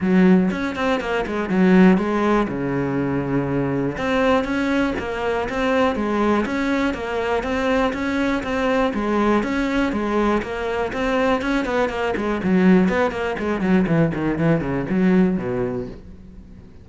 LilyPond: \new Staff \with { instrumentName = "cello" } { \time 4/4 \tempo 4 = 121 fis4 cis'8 c'8 ais8 gis8 fis4 | gis4 cis2. | c'4 cis'4 ais4 c'4 | gis4 cis'4 ais4 c'4 |
cis'4 c'4 gis4 cis'4 | gis4 ais4 c'4 cis'8 b8 | ais8 gis8 fis4 b8 ais8 gis8 fis8 | e8 dis8 e8 cis8 fis4 b,4 | }